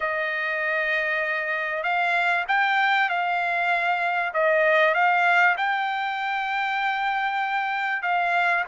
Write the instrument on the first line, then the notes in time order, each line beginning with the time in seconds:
trumpet
0.00 D#5
1.82 F5
2.47 G5
3.09 F5
4.33 D#5
4.94 F5
5.57 G5
8.02 F5